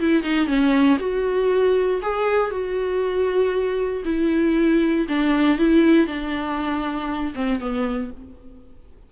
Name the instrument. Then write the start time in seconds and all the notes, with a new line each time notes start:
viola
0.00 E4
0.23 D#4
0.46 C#4
0.99 F#4
2.02 G#4
2.50 F#4
4.05 E4
5.08 D4
5.58 E4
6.06 D4
7.35 C4
7.60 B3